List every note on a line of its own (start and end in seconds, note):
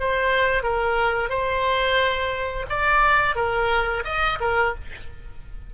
0.00 0.63 C5
0.63 1.30 A#4
1.30 2.66 C5
2.70 3.36 D5
3.36 4.04 A#4
4.05 4.39 D#5
4.40 4.74 A#4